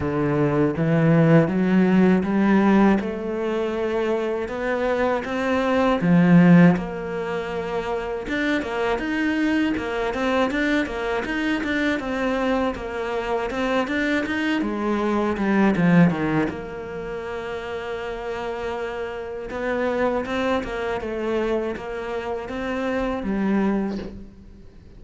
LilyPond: \new Staff \with { instrumentName = "cello" } { \time 4/4 \tempo 4 = 80 d4 e4 fis4 g4 | a2 b4 c'4 | f4 ais2 d'8 ais8 | dis'4 ais8 c'8 d'8 ais8 dis'8 d'8 |
c'4 ais4 c'8 d'8 dis'8 gis8~ | gis8 g8 f8 dis8 ais2~ | ais2 b4 c'8 ais8 | a4 ais4 c'4 g4 | }